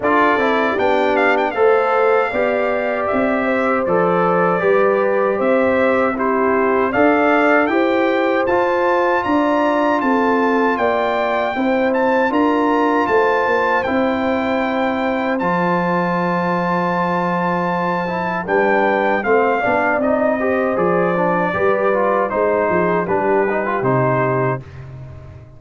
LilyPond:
<<
  \new Staff \with { instrumentName = "trumpet" } { \time 4/4 \tempo 4 = 78 d''4 g''8 f''16 g''16 f''2 | e''4 d''2 e''4 | c''4 f''4 g''4 a''4 | ais''4 a''4 g''4. a''8 |
ais''4 a''4 g''2 | a''1 | g''4 f''4 dis''4 d''4~ | d''4 c''4 b'4 c''4 | }
  \new Staff \with { instrumentName = "horn" } { \time 4/4 a'4 g'4 c''4 d''4~ | d''8 c''4. b'4 c''4 | g'4 d''4 c''2 | d''4 a'4 d''4 c''4 |
ais'4 c''2.~ | c''1 | b'4 c''8 d''4 c''4. | b'4 c''8 gis'8 g'2 | }
  \new Staff \with { instrumentName = "trombone" } { \time 4/4 f'8 e'8 d'4 a'4 g'4~ | g'4 a'4 g'2 | e'4 a'4 g'4 f'4~ | f'2. e'4 |
f'2 e'2 | f'2.~ f'8 e'8 | d'4 c'8 d'8 dis'8 g'8 gis'8 d'8 | g'8 f'8 dis'4 d'8 dis'16 f'16 dis'4 | }
  \new Staff \with { instrumentName = "tuba" } { \time 4/4 d'8 c'8 b4 a4 b4 | c'4 f4 g4 c'4~ | c'4 d'4 e'4 f'4 | d'4 c'4 ais4 c'4 |
d'4 a8 ais8 c'2 | f1 | g4 a8 b8 c'4 f4 | g4 gis8 f8 g4 c4 | }
>>